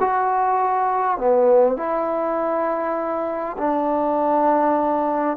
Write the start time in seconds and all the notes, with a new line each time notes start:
0.00 F#4
1.18 B3
1.77 E4
3.58 D4